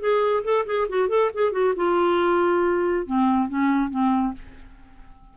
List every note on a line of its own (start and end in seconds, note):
0.00 0.43 G#4
0.44 0.66 A4
0.66 0.88 G#4
0.89 1.09 F#4
1.09 1.30 A4
1.34 1.52 G#4
1.52 1.74 F#4
1.76 3.06 F4
3.06 3.48 C4
3.48 3.90 C#4
3.90 4.33 C4